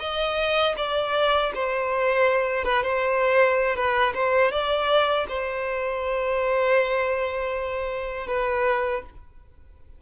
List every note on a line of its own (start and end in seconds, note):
0.00 0.75 D#5
0.77 1.52 D5
1.55 2.64 C5
2.64 2.83 B4
2.83 3.76 C5
3.76 4.14 B4
4.15 4.52 C5
4.52 5.27 D5
5.29 8.27 C5
8.27 9.02 B4